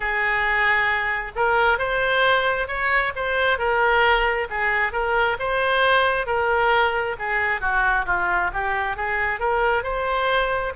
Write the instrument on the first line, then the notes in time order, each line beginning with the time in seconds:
oboe
0.00 G#4
1.35 A#4
1.78 C5
2.67 C#5
3.15 C5
3.58 A#4
4.49 G#4
4.92 A#4
5.39 C5
6.26 A#4
7.18 G#4
7.60 F#4
8.06 F4
8.53 G4
8.96 G#4
9.39 A#4
9.83 C5